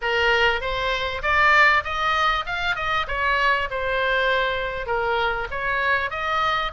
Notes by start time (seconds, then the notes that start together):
0.01 A#4
0.60 C5
1.22 D5
1.83 D#5
2.45 F5
2.75 D#5
3.07 C#5
3.70 C5
4.86 A#4
5.50 C#5
6.10 D#5